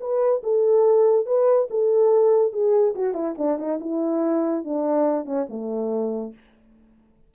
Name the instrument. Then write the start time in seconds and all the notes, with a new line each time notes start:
horn
0.00 B4
0.43 A4
1.26 B4
1.70 A4
2.52 G#4
2.95 F#4
3.14 E4
3.38 D4
3.58 D#4
3.80 E4
4.64 D4
5.25 C#4
5.49 A3